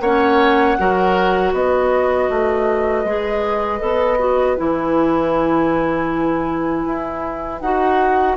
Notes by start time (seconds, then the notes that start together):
0.00 A#3 C#4 C#5 F#5
0.78 F#3 F#4 A#4
1.53 B3 B4 D#5
2.29 A3
3.04 G#3 G#4
3.79 B3 A4
4.18 F#4
4.56 E3 E4 G#5
6.85 E4
7.60 D#4 F#4 F#5